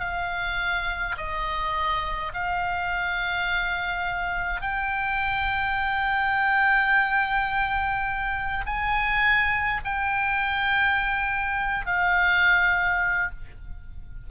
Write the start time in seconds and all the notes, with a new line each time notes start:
0.00 F5
1.17 D#5
2.33 F5
4.61 G5
8.66 G#5
9.84 G5
11.86 F5